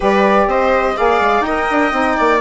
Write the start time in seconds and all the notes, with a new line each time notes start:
0.00 G3 G4 B4 D5
0.46 C4 C5 D#5
0.96 A#3 G#4 D5 F5
1.20 G#3
1.41 D#4 A#4 G5
1.47 D#5
1.70 D4
1.91 C4 D#4
2.17 A#3 D5